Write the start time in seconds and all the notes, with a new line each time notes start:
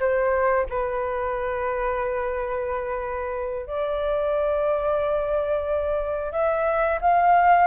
0.00 C5
0.70 B4
3.67 D5
6.32 E5
7.02 F5